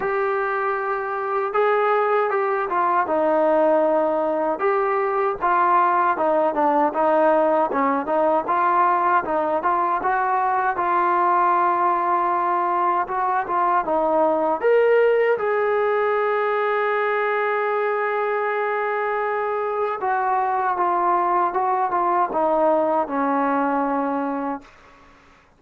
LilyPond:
\new Staff \with { instrumentName = "trombone" } { \time 4/4 \tempo 4 = 78 g'2 gis'4 g'8 f'8 | dis'2 g'4 f'4 | dis'8 d'8 dis'4 cis'8 dis'8 f'4 | dis'8 f'8 fis'4 f'2~ |
f'4 fis'8 f'8 dis'4 ais'4 | gis'1~ | gis'2 fis'4 f'4 | fis'8 f'8 dis'4 cis'2 | }